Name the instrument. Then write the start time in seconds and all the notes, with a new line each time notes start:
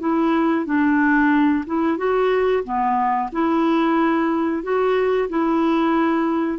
clarinet
0.00 E4
0.66 D4
1.67 E4
1.98 F#4
2.64 B3
3.33 E4
4.63 F#4
5.30 E4